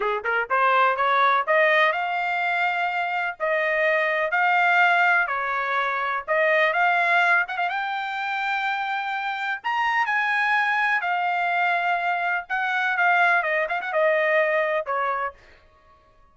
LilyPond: \new Staff \with { instrumentName = "trumpet" } { \time 4/4 \tempo 4 = 125 gis'8 ais'8 c''4 cis''4 dis''4 | f''2. dis''4~ | dis''4 f''2 cis''4~ | cis''4 dis''4 f''4. fis''16 f''16 |
g''1 | ais''4 gis''2 f''4~ | f''2 fis''4 f''4 | dis''8 f''16 fis''16 dis''2 cis''4 | }